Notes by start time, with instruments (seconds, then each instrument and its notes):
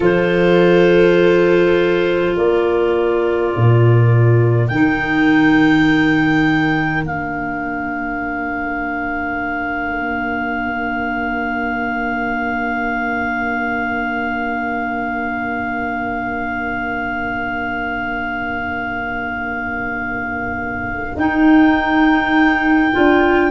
0.00 tuba F3, clarinet F4 C5, viola A4
2.35 tuba A#3, viola A#4, clarinet D5
3.56 tuba A#2
4.67 tuba D#3, clarinet D#4 G5
7.04 tuba A#3, clarinet D4 F5
21.16 tuba D#4, clarinet D#4 G5
22.92 tuba D4, clarinet F4